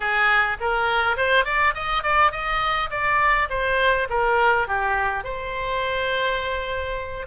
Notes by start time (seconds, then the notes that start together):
0.00 G#4
0.60 A#4
1.16 C5
1.44 D5
1.74 D#5
2.03 D5
2.31 D#5
2.90 D5
3.49 C5
4.09 A#4
4.67 G4
5.24 C5